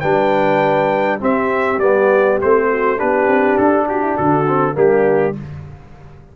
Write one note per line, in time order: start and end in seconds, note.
0.00 1.22 G3
0.00 1.20 D4
0.00 1.19 B4
0.00 1.19 G5
1.20 1.80 C4
1.20 1.77 C4
1.20 2.68 G4
1.20 1.80 E5
1.77 2.37 G3
1.77 2.41 B3
1.77 2.39 D5
2.41 3.02 A3
2.41 2.98 C4
2.41 2.99 C5
2.70 2.97 F#4
2.97 3.28 B3
2.97 4.46 D4
2.97 3.87 G4
2.97 3.58 B4
3.28 3.57 C4
3.58 4.18 D4
3.58 3.87 A4
3.88 4.02 F#4
3.88 4.17 G4
4.02 4.14 E4
4.14 4.76 D3
4.14 4.74 F#4
4.14 4.76 A4
4.48 4.74 C4
4.74 5.36 G3
4.74 5.33 A#3
4.74 5.36 D4
4.74 5.37 G4